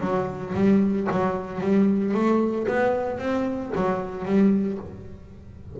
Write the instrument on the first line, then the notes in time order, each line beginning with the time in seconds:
double bass
0.00 F#3
0.54 G3
1.11 F#3
1.60 G3
2.14 A3
2.67 B3
3.18 C4
3.75 F#3
4.25 G3